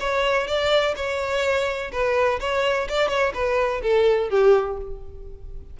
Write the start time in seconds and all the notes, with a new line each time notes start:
0.00 C#5
0.47 D5
0.96 C#5
1.92 B4
2.40 C#5
2.89 D5
3.09 C#5
3.34 B4
3.83 A4
4.30 G4